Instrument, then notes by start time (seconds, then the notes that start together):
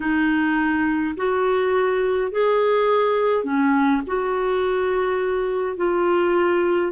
clarinet
0.00 D#4
1.16 F#4
2.31 G#4
3.44 C#4
4.06 F#4
5.76 F4